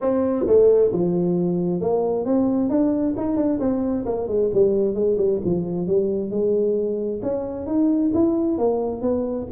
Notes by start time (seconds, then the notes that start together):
0.01 C4
0.46 A3
0.92 F3
1.80 A#3
2.25 C4
2.69 D4
3.16 D#4
3.36 D4
3.59 C4
4.05 A#3
4.27 G#3
4.53 G3
4.94 G#3
5.17 G3
5.44 F3
5.87 G3
6.30 G#3
7.22 C#4
7.66 D#4
8.14 E4
8.57 A#3
9.01 B3